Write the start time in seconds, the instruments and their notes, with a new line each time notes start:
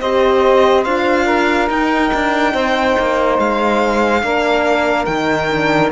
0.00 cello C4, horn G4, saxophone C5, violin D#5
0.84 cello D4, horn F4, violin F5
1.25 saxophone A#4
1.69 cello D#4, horn D#4, violin G5
2.13 cello D4
2.53 cello C4, saxophone C5
2.99 cello A#3
3.38 cello G#3, violin F5
4.22 cello A#3, horn D4, saxophone A#4
5.05 cello D#3, horn D#4, violin G5
5.49 horn D4